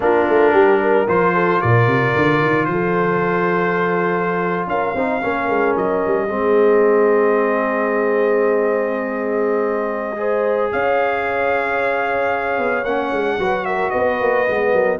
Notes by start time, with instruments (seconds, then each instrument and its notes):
0.00 tuba A#3, trombone D4, horn F4, trumpet A#4
0.29 tuba A3
0.52 tuba G3, horn G4
0.81 horn A#4
1.07 tuba F3, trombone F4, trumpet C5
1.34 horn A4
1.60 tuba A#2, horn A#4, trumpet D5
1.86 tuba C3
2.15 tuba D3
2.41 tuba D#3
2.64 tuba F3, trumpet C5
2.71 horn A4
4.67 tuba C#4, horn A#4, trumpet F5
4.94 tuba C4, trombone D#4, horn C5
5.21 tuba A#3, trombone C#4, horn A#4
5.48 tuba G#3
5.76 tuba F#3, trumpet D#5
6.05 tuba G3
6.27 tuba G#3, trombone C4, horn G#4
10.16 trombone G#4, horn C5
10.71 tuba C#4, horn C#5, trumpet F5
12.58 tuba B3
12.83 tuba A#3, trombone C#4, trumpet F#5
13.11 tuba G#3
13.38 tuba F#3, trombone F#4, horn B4
13.65 horn A#4, trumpet E5
13.90 tuba B3, horn B4, trumpet D#5
14.21 tuba A#3
14.46 tuba G#3, trombone B3
14.72 tuba F#3, horn A#4